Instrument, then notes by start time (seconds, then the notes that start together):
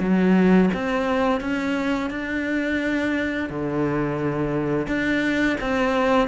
cello
0.00 F#3
0.74 C4
1.41 C#4
2.10 D4
3.49 D3
4.87 D4
5.61 C4